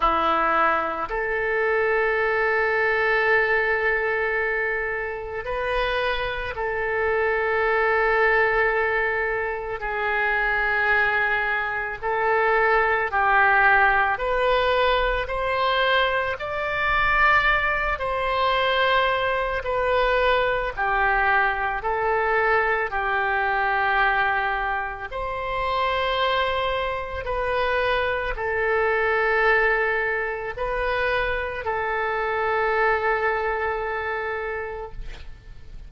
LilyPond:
\new Staff \with { instrumentName = "oboe" } { \time 4/4 \tempo 4 = 55 e'4 a'2.~ | a'4 b'4 a'2~ | a'4 gis'2 a'4 | g'4 b'4 c''4 d''4~ |
d''8 c''4. b'4 g'4 | a'4 g'2 c''4~ | c''4 b'4 a'2 | b'4 a'2. | }